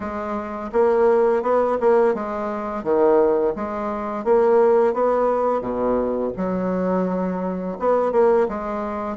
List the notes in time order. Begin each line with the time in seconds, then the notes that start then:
0.00 G#3
0.72 A#3
1.42 B3
1.80 A#3
2.14 G#3
2.83 D#3
3.55 G#3
4.24 A#3
4.93 B3
5.61 B2
6.36 F#3
7.79 B3
8.11 A#3
8.48 G#3